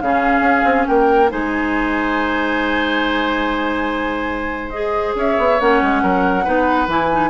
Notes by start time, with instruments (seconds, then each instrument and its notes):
0.00 bassoon C#3, clarinet C#4, oboe G#4, flute F5
0.41 bassoon C#4
0.65 bassoon C4
0.87 bassoon A#3, oboe A#4, flute G5
1.30 bassoon G#3, clarinet D#4, oboe C5, flute G#5
4.69 clarinet G#4, flute D#5
5.15 bassoon C#4, oboe C#5, flute E5
5.38 bassoon B3
5.60 bassoon A#3, clarinet C#4, flute F#5
5.82 bassoon G#3
6.03 bassoon F#3, oboe A#4
6.44 bassoon B3, clarinet D#4, oboe B4
6.88 bassoon E3, clarinet E4, flute G#5
7.12 clarinet D#4